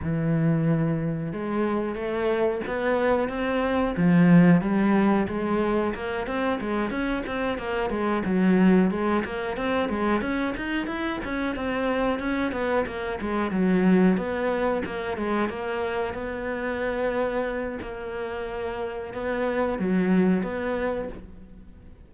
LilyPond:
\new Staff \with { instrumentName = "cello" } { \time 4/4 \tempo 4 = 91 e2 gis4 a4 | b4 c'4 f4 g4 | gis4 ais8 c'8 gis8 cis'8 c'8 ais8 | gis8 fis4 gis8 ais8 c'8 gis8 cis'8 |
dis'8 e'8 cis'8 c'4 cis'8 b8 ais8 | gis8 fis4 b4 ais8 gis8 ais8~ | ais8 b2~ b8 ais4~ | ais4 b4 fis4 b4 | }